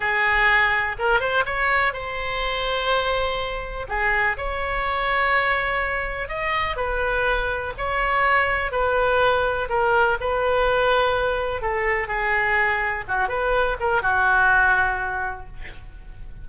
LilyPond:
\new Staff \with { instrumentName = "oboe" } { \time 4/4 \tempo 4 = 124 gis'2 ais'8 c''8 cis''4 | c''1 | gis'4 cis''2.~ | cis''4 dis''4 b'2 |
cis''2 b'2 | ais'4 b'2. | a'4 gis'2 fis'8 b'8~ | b'8 ais'8 fis'2. | }